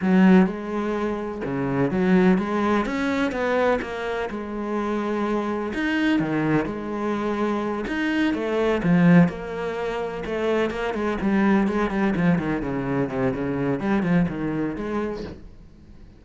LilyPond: \new Staff \with { instrumentName = "cello" } { \time 4/4 \tempo 4 = 126 fis4 gis2 cis4 | fis4 gis4 cis'4 b4 | ais4 gis2. | dis'4 dis4 gis2~ |
gis8 dis'4 a4 f4 ais8~ | ais4. a4 ais8 gis8 g8~ | g8 gis8 g8 f8 dis8 cis4 c8 | cis4 g8 f8 dis4 gis4 | }